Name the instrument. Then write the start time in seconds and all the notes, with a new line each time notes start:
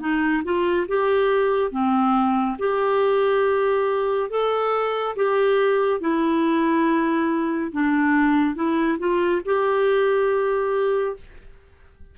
clarinet
0.00 D#4
0.44 F4
0.88 G4
1.71 C4
2.59 G4
4.30 A4
5.16 G4
6.00 E4
7.72 D4
8.56 E4
8.99 F4
9.45 G4